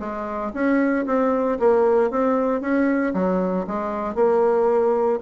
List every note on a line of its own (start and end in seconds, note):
0.00 0.52 G#3
0.54 1.06 C#4
1.06 1.59 C4
1.60 2.11 A#3
2.11 2.61 C4
2.61 3.14 C#4
3.14 3.66 F#3
3.67 4.15 G#3
4.15 5.20 A#3